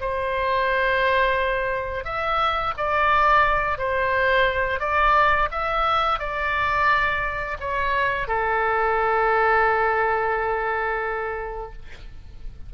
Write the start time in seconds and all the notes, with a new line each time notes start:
0.00 C5
2.04 E5
2.77 D5
3.78 C5
4.79 D5
5.51 E5
6.19 D5
7.59 C#5
8.27 A4